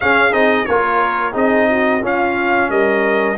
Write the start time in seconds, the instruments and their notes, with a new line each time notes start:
0.00 trombone C#4, tuba C#4, horn G#4, trumpet F5
0.31 tuba C4, trombone D#4, trumpet D#5
0.65 tuba A#3, trombone F4, horn A#4, trumpet C#5
1.32 tuba C4, trombone D#4, horn G#4, trumpet D#5
1.69 horn F#4
2.01 tuba C#4, trombone C#4, horn F4, trumpet F5
2.69 tuba G3, horn A#4, trumpet D#5